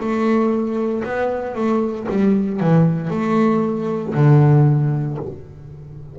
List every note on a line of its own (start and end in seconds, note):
0.00 1.03 A3
1.04 1.55 B3
1.55 2.07 A3
2.09 2.60 G3
2.60 3.10 E3
3.10 4.14 A3
4.14 5.18 D3